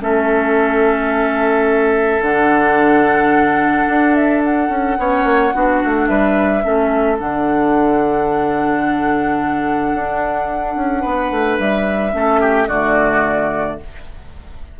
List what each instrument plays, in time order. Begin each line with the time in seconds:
0.00 bassoon A3, clarinet C#4, oboe A4, flute E5
2.21 bassoon D3, clarinet D4, flute F#5
3.88 bassoon D4
4.14 flute E5
4.44 flute F#5
4.69 bassoon C#4
4.97 bassoon B3, clarinet C#4, oboe C#5
5.24 bassoon A#3
5.54 bassoon B3, clarinet D4, oboe F#4
5.84 bassoon A3
6.06 bassoon G3, oboe B4, flute E5
6.62 bassoon A3, clarinet C#4, oboe A4
7.18 bassoon D3, clarinet D4, flute F#5
9.94 bassoon D4
10.75 bassoon C#4
11.01 bassoon B3, oboe B4
11.31 bassoon A3
11.58 bassoon G3, flute E5
12.12 bassoon A3, clarinet C#4, oboe A4
12.40 oboe G4
12.68 bassoon D3, clarinet A3, oboe F#4, flute D5